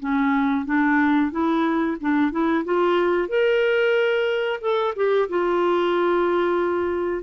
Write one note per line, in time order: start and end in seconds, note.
0.00 0.66 C#4
0.66 1.32 D4
1.32 1.98 E4
2.01 2.32 D4
2.32 2.65 E4
2.65 3.29 F4
3.29 4.61 A#4
4.62 4.95 A4
4.96 5.29 G4
5.29 7.23 F4